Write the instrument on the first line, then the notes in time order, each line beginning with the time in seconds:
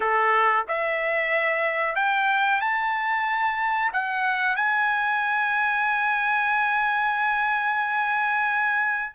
trumpet
0.00 A4
0.68 E5
1.95 G5
2.61 A5
3.92 F#5
4.56 G#5